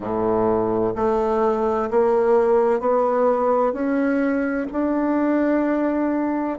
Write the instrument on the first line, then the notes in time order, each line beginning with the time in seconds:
bassoon
0.00 A2
0.95 A3
1.90 A#3
2.80 B3
3.72 C#4
4.72 D4